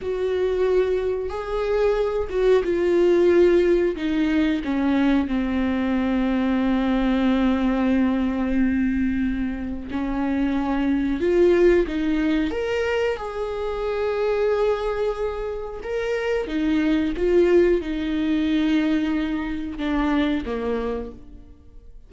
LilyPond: \new Staff \with { instrumentName = "viola" } { \time 4/4 \tempo 4 = 91 fis'2 gis'4. fis'8 | f'2 dis'4 cis'4 | c'1~ | c'2. cis'4~ |
cis'4 f'4 dis'4 ais'4 | gis'1 | ais'4 dis'4 f'4 dis'4~ | dis'2 d'4 ais4 | }